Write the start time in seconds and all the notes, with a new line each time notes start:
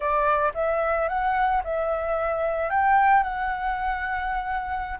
0.00 D5
0.54 E5
1.08 F#5
1.64 E5
2.70 G5
3.23 F#5